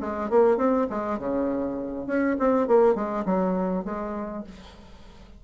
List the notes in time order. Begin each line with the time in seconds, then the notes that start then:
0.00 G#3
0.29 A#3
0.57 C4
0.90 G#3
1.18 C#3
2.07 C#4
2.39 C4
2.67 A#3
2.95 G#3
3.25 F#3
3.84 G#3